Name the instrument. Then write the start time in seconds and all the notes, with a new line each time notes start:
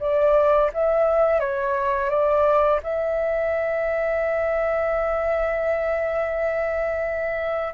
flute
0.00 D5
0.73 E5
1.40 C#5
2.10 D5
2.83 E5